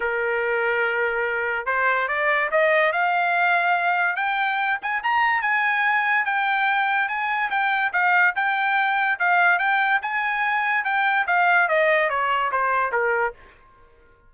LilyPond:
\new Staff \with { instrumentName = "trumpet" } { \time 4/4 \tempo 4 = 144 ais'1 | c''4 d''4 dis''4 f''4~ | f''2 g''4. gis''8 | ais''4 gis''2 g''4~ |
g''4 gis''4 g''4 f''4 | g''2 f''4 g''4 | gis''2 g''4 f''4 | dis''4 cis''4 c''4 ais'4 | }